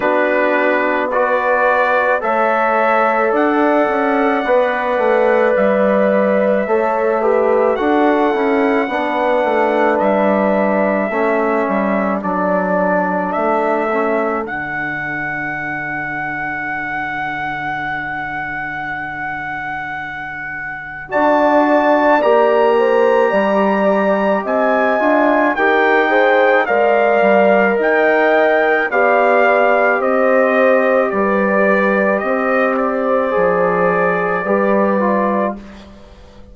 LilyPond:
<<
  \new Staff \with { instrumentName = "trumpet" } { \time 4/4 \tempo 4 = 54 b'4 d''4 e''4 fis''4~ | fis''4 e''2 fis''4~ | fis''4 e''2 d''4 | e''4 fis''2.~ |
fis''2. a''4 | ais''2 gis''4 g''4 | f''4 g''4 f''4 dis''4 | d''4 dis''8 d''2~ d''8 | }
  \new Staff \with { instrumentName = "horn" } { \time 4/4 fis'4 b'4 cis''4 d''4~ | d''2 cis''8 b'8 a'4 | b'2 a'2~ | a'1~ |
a'2. d''4~ | d''8 c''8 d''4 dis''4 ais'8 c''8 | d''4 dis''4 d''4 c''4 | b'4 c''2 b'4 | }
  \new Staff \with { instrumentName = "trombone" } { \time 4/4 d'4 fis'4 a'2 | b'2 a'8 g'8 fis'8 e'8 | d'2 cis'4 d'4~ | d'8 cis'8 d'2.~ |
d'2. fis'4 | g'2~ g'8 f'8 g'8 gis'8 | ais'2 g'2~ | g'2 gis'4 g'8 f'8 | }
  \new Staff \with { instrumentName = "bassoon" } { \time 4/4 b2 a4 d'8 cis'8 | b8 a8 g4 a4 d'8 cis'8 | b8 a8 g4 a8 g8 fis4 | a4 d2.~ |
d2. d'4 | ais4 g4 c'8 d'8 dis'4 | gis8 g8 dis'4 b4 c'4 | g4 c'4 f4 g4 | }
>>